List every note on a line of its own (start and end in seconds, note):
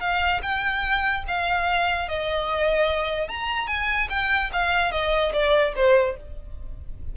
0.00 0.41 F5
0.42 1.24 G5
1.28 2.09 F5
2.09 3.28 D#5
3.28 3.67 A#5
3.67 4.08 G#5
4.10 4.50 G5
4.53 4.92 F5
4.92 5.33 D#5
5.33 5.74 D5
5.76 6.17 C5